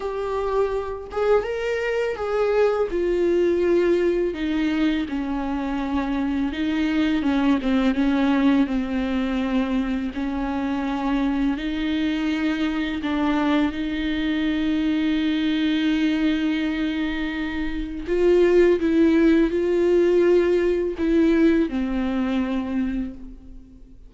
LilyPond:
\new Staff \with { instrumentName = "viola" } { \time 4/4 \tempo 4 = 83 g'4. gis'8 ais'4 gis'4 | f'2 dis'4 cis'4~ | cis'4 dis'4 cis'8 c'8 cis'4 | c'2 cis'2 |
dis'2 d'4 dis'4~ | dis'1~ | dis'4 f'4 e'4 f'4~ | f'4 e'4 c'2 | }